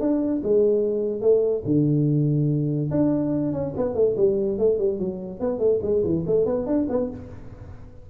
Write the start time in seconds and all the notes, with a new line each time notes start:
0.00 D4
0.43 G#3
1.21 A3
1.65 D3
2.91 D4
3.53 C#4
3.77 B3
3.95 A3
4.17 G3
4.59 A3
4.79 G3
4.99 F#3
5.40 B3
5.59 A3
5.82 G#3
6.04 E3
6.26 A3
6.45 B3
6.66 D4
6.89 B3